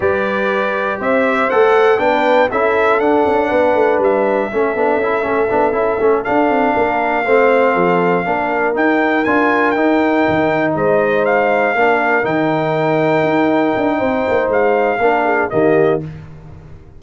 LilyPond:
<<
  \new Staff \with { instrumentName = "trumpet" } { \time 4/4 \tempo 4 = 120 d''2 e''4 fis''4 | g''4 e''4 fis''2 | e''1~ | e''8 f''2.~ f''8~ |
f''4. g''4 gis''4 g''8~ | g''4. dis''4 f''4.~ | f''8 g''2.~ g''8~ | g''4 f''2 dis''4 | }
  \new Staff \with { instrumentName = "horn" } { \time 4/4 b'2 c''2 | b'4 a'2 b'4~ | b'4 a'2.~ | a'4. ais'4 c''4 a'8~ |
a'8 ais'2.~ ais'8~ | ais'4. c''2 ais'8~ | ais'1 | c''2 ais'8 gis'8 g'4 | }
  \new Staff \with { instrumentName = "trombone" } { \time 4/4 g'2. a'4 | d'4 e'4 d'2~ | d'4 cis'8 d'8 e'8 cis'8 d'8 e'8 | cis'8 d'2 c'4.~ |
c'8 d'4 dis'4 f'4 dis'8~ | dis'2.~ dis'8 d'8~ | d'8 dis'2.~ dis'8~ | dis'2 d'4 ais4 | }
  \new Staff \with { instrumentName = "tuba" } { \time 4/4 g2 c'4 a4 | b4 cis'4 d'8 cis'8 b8 a8 | g4 a8 b8 cis'8 a8 b8 cis'8 | a8 d'8 c'8 ais4 a4 f8~ |
f8 ais4 dis'4 d'4 dis'8~ | dis'8 dis4 gis2 ais8~ | ais8 dis2 dis'4 d'8 | c'8 ais8 gis4 ais4 dis4 | }
>>